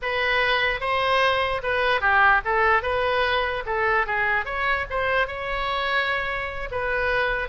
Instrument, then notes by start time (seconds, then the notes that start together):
oboe
0.02 B4
0.80 C5
1.62 B4
2.00 G4
2.44 A4
2.82 B4
3.66 A4
4.06 G#4
4.45 C#5
4.89 C5
5.27 C#5
6.71 B4